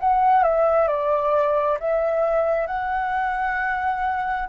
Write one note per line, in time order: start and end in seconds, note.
0.00 0.43 F#5
0.43 0.88 E5
0.88 1.79 D5
1.80 2.67 E5
2.67 4.49 F#5